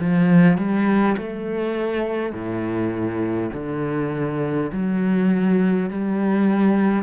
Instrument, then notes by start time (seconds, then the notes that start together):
cello
0.00 F3
0.57 G3
1.17 A3
2.33 A2
3.53 D3
4.72 F#3
5.90 G3